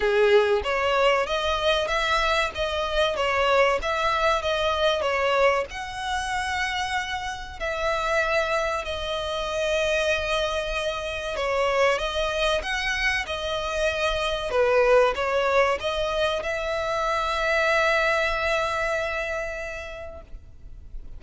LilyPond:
\new Staff \with { instrumentName = "violin" } { \time 4/4 \tempo 4 = 95 gis'4 cis''4 dis''4 e''4 | dis''4 cis''4 e''4 dis''4 | cis''4 fis''2. | e''2 dis''2~ |
dis''2 cis''4 dis''4 | fis''4 dis''2 b'4 | cis''4 dis''4 e''2~ | e''1 | }